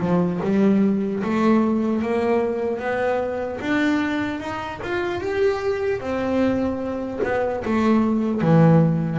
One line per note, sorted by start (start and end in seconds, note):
0.00 0.40 F3
0.43 1.23 G3
1.23 2.02 A3
2.02 2.80 A#3
2.80 3.59 B3
3.61 4.40 D4
4.40 4.80 D#4
4.83 5.21 F4
5.21 6.00 G4
6.00 7.20 C4
7.24 7.64 B3
7.65 8.41 A3
8.41 9.19 E3